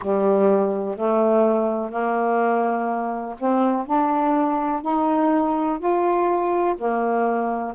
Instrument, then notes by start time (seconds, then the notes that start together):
saxophone
0.01 G3
0.96 A3
1.90 A#3
3.39 C4
3.86 D4
4.82 D#4
5.78 F4
6.77 A#3